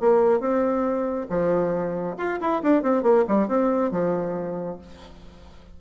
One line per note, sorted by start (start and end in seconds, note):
0.00 0.40 A#3
0.40 1.27 C4
1.30 2.17 F3
2.18 2.40 F4
2.41 2.62 E4
2.63 2.83 D4
2.83 3.03 C4
3.03 3.25 A#3
3.28 3.48 G3
3.48 3.91 C4
3.91 4.78 F3